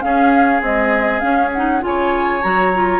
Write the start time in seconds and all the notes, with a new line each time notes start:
0.00 C#4 G#4 F5
0.61 G#3 C4 D#5
1.19 C#4 F5
1.52 D#4 F#5
1.80 C#3 F4 G#5
1.87 C#5
2.42 F#3 F#4 A#5
2.73 F4